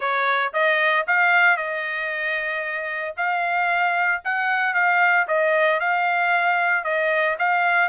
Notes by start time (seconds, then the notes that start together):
0.00 C#5
0.53 D#5
1.07 F5
1.56 D#5
3.16 F5
4.24 F#5
4.74 F5
5.27 D#5
5.80 F5
6.83 D#5
7.38 F5